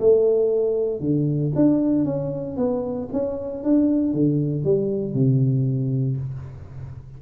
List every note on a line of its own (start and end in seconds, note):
0.00 1.00 A3
1.00 1.52 D3
1.56 2.05 D4
2.05 2.57 C#4
2.57 3.09 B3
3.13 3.64 C#4
3.64 4.14 D4
4.14 4.64 D3
4.64 5.14 G3
5.14 6.17 C3